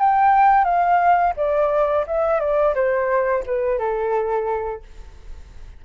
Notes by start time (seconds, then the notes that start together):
0.00 G5
0.65 F5
1.37 D5
2.07 E5
2.40 D5
2.75 C5
3.46 B4
3.79 A4